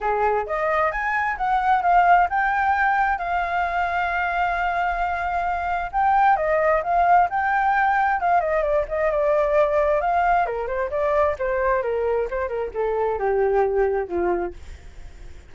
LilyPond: \new Staff \with { instrumentName = "flute" } { \time 4/4 \tempo 4 = 132 gis'4 dis''4 gis''4 fis''4 | f''4 g''2 f''4~ | f''1~ | f''4 g''4 dis''4 f''4 |
g''2 f''8 dis''8 d''8 dis''8 | d''2 f''4 ais'8 c''8 | d''4 c''4 ais'4 c''8 ais'8 | a'4 g'2 f'4 | }